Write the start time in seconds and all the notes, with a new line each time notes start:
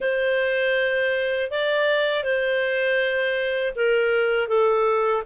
0.00 C5
1.50 D5
2.23 C5
3.75 A#4
4.48 A4